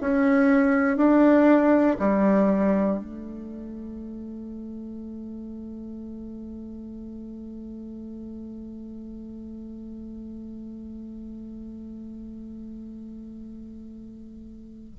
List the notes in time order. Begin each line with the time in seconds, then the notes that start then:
0.00 C#4
0.96 D4
1.99 G3
2.99 A3